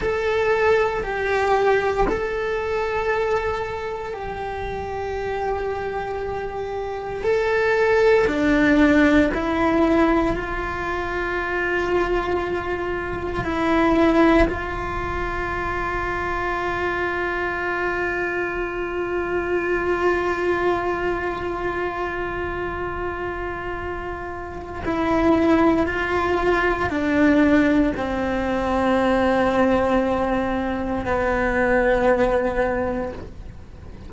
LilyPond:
\new Staff \with { instrumentName = "cello" } { \time 4/4 \tempo 4 = 58 a'4 g'4 a'2 | g'2. a'4 | d'4 e'4 f'2~ | f'4 e'4 f'2~ |
f'1~ | f'1 | e'4 f'4 d'4 c'4~ | c'2 b2 | }